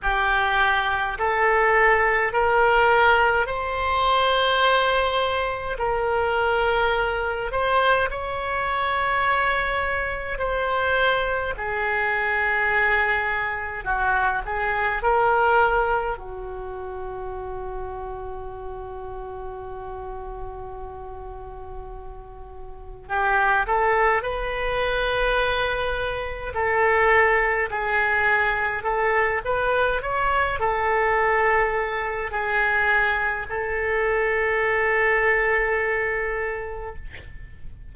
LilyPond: \new Staff \with { instrumentName = "oboe" } { \time 4/4 \tempo 4 = 52 g'4 a'4 ais'4 c''4~ | c''4 ais'4. c''8 cis''4~ | cis''4 c''4 gis'2 | fis'8 gis'8 ais'4 fis'2~ |
fis'1 | g'8 a'8 b'2 a'4 | gis'4 a'8 b'8 cis''8 a'4. | gis'4 a'2. | }